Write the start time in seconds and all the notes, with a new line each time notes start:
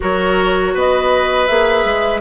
0.00 F#3 F#4 A#4 C#5
0.73 B3 B4 D#5
1.46 A#3 G#4 E5
1.84 G#3